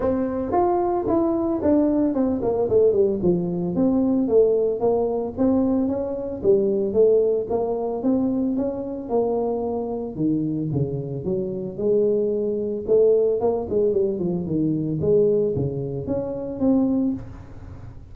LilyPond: \new Staff \with { instrumentName = "tuba" } { \time 4/4 \tempo 4 = 112 c'4 f'4 e'4 d'4 | c'8 ais8 a8 g8 f4 c'4 | a4 ais4 c'4 cis'4 | g4 a4 ais4 c'4 |
cis'4 ais2 dis4 | cis4 fis4 gis2 | a4 ais8 gis8 g8 f8 dis4 | gis4 cis4 cis'4 c'4 | }